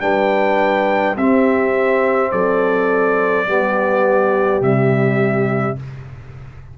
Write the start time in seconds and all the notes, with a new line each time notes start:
0.00 G3 D4 B4 G5
1.16 C4 G4 E5
2.31 F#3 A4 D5
3.47 G3 B3 G4
4.61 C3 G3 E5